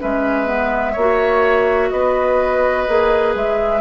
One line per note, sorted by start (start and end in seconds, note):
0.00 0.96 G#3
0.00 0.46 C#4
0.00 0.93 B4
0.00 1.90 E5
0.46 0.94 B3
0.93 1.91 A#3
0.93 1.88 C#5
0.99 2.88 F#4
1.90 2.87 B3
1.90 3.81 B4
1.90 3.33 D#5
2.88 3.35 A#3
2.88 3.81 G#4
3.35 3.81 G#3
3.35 3.81 E5